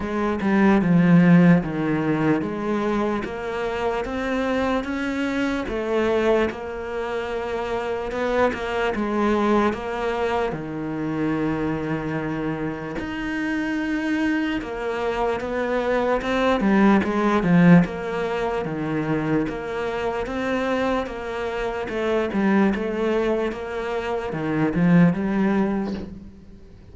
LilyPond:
\new Staff \with { instrumentName = "cello" } { \time 4/4 \tempo 4 = 74 gis8 g8 f4 dis4 gis4 | ais4 c'4 cis'4 a4 | ais2 b8 ais8 gis4 | ais4 dis2. |
dis'2 ais4 b4 | c'8 g8 gis8 f8 ais4 dis4 | ais4 c'4 ais4 a8 g8 | a4 ais4 dis8 f8 g4 | }